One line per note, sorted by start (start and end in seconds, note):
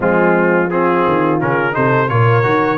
0.00 1.05 F3
0.00 0.70 G#3
0.00 0.68 C4
0.00 0.70 F4
0.70 1.40 C4
0.70 1.75 F4
0.70 1.39 G#4
1.07 1.42 D#3
1.40 1.76 C#3
1.40 1.72 C#4
1.40 1.74 A#4
1.72 2.10 C3
1.72 2.07 D#4
1.72 2.10 A4
1.72 2.09 C5
2.08 2.44 A#2
2.08 2.43 F4
2.08 2.77 A#4
2.08 2.77 C#5
2.43 2.77 D#3
2.43 2.77 F#4